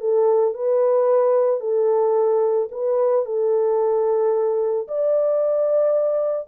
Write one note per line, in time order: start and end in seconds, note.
0.00 0.54 A4
0.54 1.60 B4
1.60 2.68 A4
2.71 3.25 B4
3.25 4.87 A4
4.87 6.48 D5